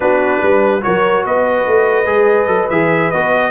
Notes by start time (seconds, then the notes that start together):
0.00 B3 D4 F#4 B4
0.41 G3 B4
0.81 F#3 F#4 A#4 C#5
1.25 B3 B4 D#5
1.66 A3
2.05 G#3 G#4
2.46 F#3 A4
2.69 E3 G#4 E5
3.11 B3 F#4 D#5